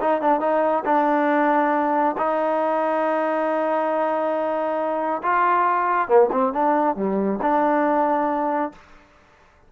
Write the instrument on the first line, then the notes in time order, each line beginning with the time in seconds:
trombone
0.00 D#4
0.21 D4
0.40 D#4
0.85 D4
2.17 D#4
5.22 F4
6.08 A#3
6.31 C4
6.53 D4
6.95 G3
7.41 D4